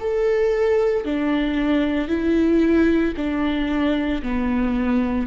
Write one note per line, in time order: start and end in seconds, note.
0.00 1.05 A4
1.05 2.08 D4
2.08 3.13 E4
3.17 4.22 D4
4.22 5.27 B3